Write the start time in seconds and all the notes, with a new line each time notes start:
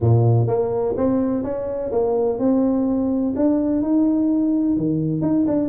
0.00 A#2
0.47 A#3
0.96 C4
1.43 C#4
1.91 A#3
2.38 C4
3.35 D4
3.82 D#4
4.77 D#3
5.21 D#4
5.47 D4